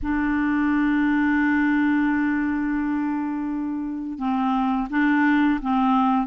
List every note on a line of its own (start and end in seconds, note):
0.02 4.18 D4
4.18 4.88 C4
4.90 5.59 D4
5.61 6.27 C4